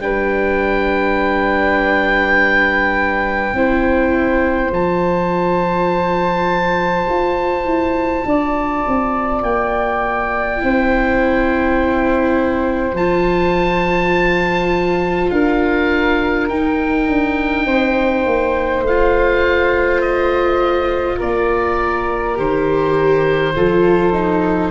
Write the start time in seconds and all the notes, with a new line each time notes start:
0.00 G3 D4 B4 G5
3.53 C4 E4 C5
4.71 F3 F4 A5
7.09 F4
7.65 E4
8.25 D4 D5
8.88 C4
9.43 A#3 G5
10.58 C4 E4
10.64 C5
12.93 F3 F4 A5
15.31 D4 A#4 F5
16.49 D#4 G5
17.07 D4
17.66 C4 C5
18.26 A#3
18.81 A3 F5
18.87 F4
20.01 D#5
21.18 A#3 A#4 D5
22.35 D#3 G4 C5
23.56 F3 F4 A4
24.13 D#4